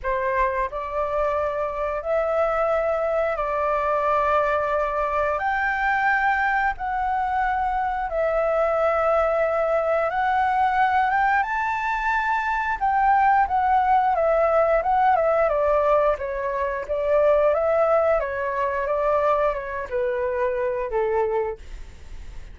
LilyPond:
\new Staff \with { instrumentName = "flute" } { \time 4/4 \tempo 4 = 89 c''4 d''2 e''4~ | e''4 d''2. | g''2 fis''2 | e''2. fis''4~ |
fis''8 g''8 a''2 g''4 | fis''4 e''4 fis''8 e''8 d''4 | cis''4 d''4 e''4 cis''4 | d''4 cis''8 b'4. a'4 | }